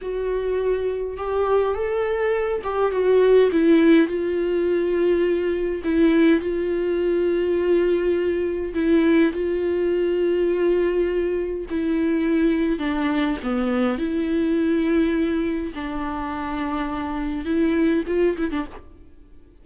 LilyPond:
\new Staff \with { instrumentName = "viola" } { \time 4/4 \tempo 4 = 103 fis'2 g'4 a'4~ | a'8 g'8 fis'4 e'4 f'4~ | f'2 e'4 f'4~ | f'2. e'4 |
f'1 | e'2 d'4 b4 | e'2. d'4~ | d'2 e'4 f'8 e'16 d'16 | }